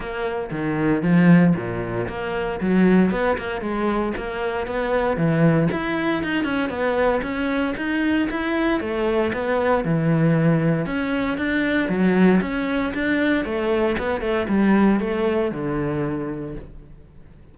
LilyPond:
\new Staff \with { instrumentName = "cello" } { \time 4/4 \tempo 4 = 116 ais4 dis4 f4 ais,4 | ais4 fis4 b8 ais8 gis4 | ais4 b4 e4 e'4 | dis'8 cis'8 b4 cis'4 dis'4 |
e'4 a4 b4 e4~ | e4 cis'4 d'4 fis4 | cis'4 d'4 a4 b8 a8 | g4 a4 d2 | }